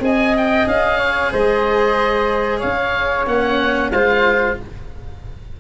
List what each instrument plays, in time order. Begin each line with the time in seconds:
0.00 tuba C4, cello G#4, flute D#5, oboe G#5
0.37 oboe G5
0.67 tuba C#4, oboe F5
0.98 flute C#5
1.32 tuba G#3, flute C5, oboe D#5
2.58 tuba C#4, flute C#5, oboe F5
3.26 tuba A#3, cello C#4, oboe F#5
3.90 tuba G#3, cello F4, flute C5, oboe F5